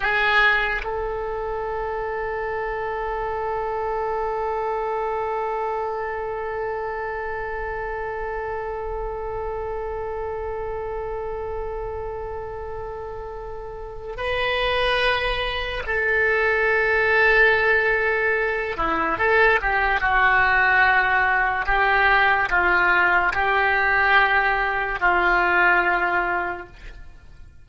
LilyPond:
\new Staff \with { instrumentName = "oboe" } { \time 4/4 \tempo 4 = 72 gis'4 a'2.~ | a'1~ | a'1~ | a'1~ |
a'4 b'2 a'4~ | a'2~ a'8 e'8 a'8 g'8 | fis'2 g'4 f'4 | g'2 f'2 | }